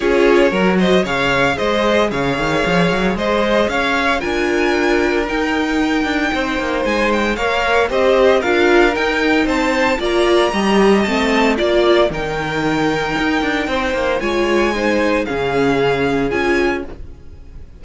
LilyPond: <<
  \new Staff \with { instrumentName = "violin" } { \time 4/4 \tempo 4 = 114 cis''4. dis''8 f''4 dis''4 | f''2 dis''4 f''4 | gis''2 g''2~ | g''4 gis''8 g''8 f''4 dis''4 |
f''4 g''4 a''4 ais''4~ | ais''4 a''4 d''4 g''4~ | g''2. gis''4~ | gis''4 f''2 gis''4 | }
  \new Staff \with { instrumentName = "violin" } { \time 4/4 gis'4 ais'8 c''8 cis''4 c''4 | cis''2 c''4 cis''4 | ais'1 | c''2 cis''4 c''4 |
ais'2 c''4 d''4 | dis''2 d''4 ais'4~ | ais'2 c''4 cis''4 | c''4 gis'2. | }
  \new Staff \with { instrumentName = "viola" } { \time 4/4 f'4 fis'4 gis'2~ | gis'1 | f'2 dis'2~ | dis'2 ais'4 g'4 |
f'4 dis'2 f'4 | g'4 c'4 f'4 dis'4~ | dis'2. f'4 | dis'4 cis'2 f'4 | }
  \new Staff \with { instrumentName = "cello" } { \time 4/4 cis'4 fis4 cis4 gis4 | cis8 dis8 f8 fis8 gis4 cis'4 | d'2 dis'4. d'8 | c'8 ais8 gis4 ais4 c'4 |
d'4 dis'4 c'4 ais4 | g4 a4 ais4 dis4~ | dis4 dis'8 d'8 c'8 ais8 gis4~ | gis4 cis2 cis'4 | }
>>